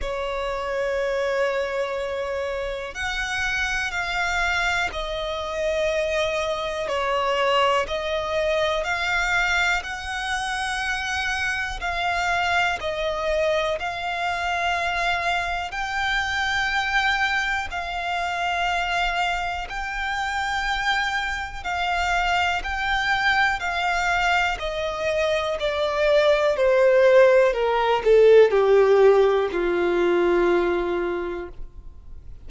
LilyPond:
\new Staff \with { instrumentName = "violin" } { \time 4/4 \tempo 4 = 61 cis''2. fis''4 | f''4 dis''2 cis''4 | dis''4 f''4 fis''2 | f''4 dis''4 f''2 |
g''2 f''2 | g''2 f''4 g''4 | f''4 dis''4 d''4 c''4 | ais'8 a'8 g'4 f'2 | }